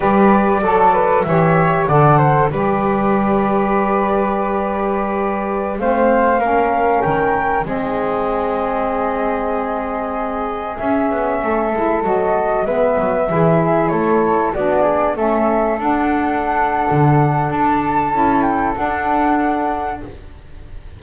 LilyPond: <<
  \new Staff \with { instrumentName = "flute" } { \time 4/4 \tempo 4 = 96 d''2 e''4 fis''4 | d''1~ | d''4~ d''16 f''2 g''8.~ | g''16 dis''2.~ dis''8.~ |
dis''4~ dis''16 e''2 dis''8.~ | dis''16 e''2 cis''4 d''8.~ | d''16 e''4 fis''2~ fis''8. | a''4. g''8 fis''2 | }
  \new Staff \with { instrumentName = "flute" } { \time 4/4 b'4 a'8 b'8 cis''4 d''8 c''8 | b'1~ | b'4~ b'16 c''4 ais'4.~ ais'16~ | ais'16 gis'2.~ gis'8.~ |
gis'2~ gis'16 a'4.~ a'16~ | a'16 b'4 gis'4 a'4 fis'8 gis'16~ | gis'16 a'2.~ a'8.~ | a'1 | }
  \new Staff \with { instrumentName = "saxophone" } { \time 4/4 g'4 a'4 g'4 a'4 | g'1~ | g'4~ g'16 c'4 cis'4.~ cis'16~ | cis'16 c'2.~ c'8.~ |
c'4~ c'16 cis'4. e'8 fis'8.~ | fis'16 b4 e'2 d'8.~ | d'16 cis'4 d'2~ d'8.~ | d'4 e'4 d'2 | }
  \new Staff \with { instrumentName = "double bass" } { \time 4/4 g4 fis4 e4 d4 | g1~ | g4~ g16 a4 ais4 dis8.~ | dis16 gis2.~ gis8.~ |
gis4~ gis16 cis'8 b8 a8 gis8 fis8.~ | fis16 gis8 fis8 e4 a4 b8.~ | b16 a4 d'4.~ d'16 d4 | d'4 cis'4 d'2 | }
>>